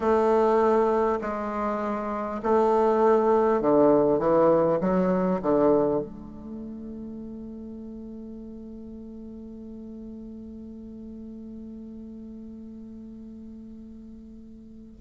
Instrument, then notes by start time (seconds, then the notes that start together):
bassoon
0.00 A3
1.21 G#3
2.43 A3
3.61 D3
4.18 E3
4.81 F#3
5.42 D3
6.00 A3